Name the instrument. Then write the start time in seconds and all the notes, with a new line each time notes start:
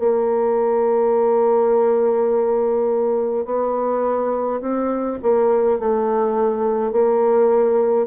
bassoon
0.00 A#3
3.46 B3
4.62 C4
5.23 A#3
5.80 A3
6.92 A#3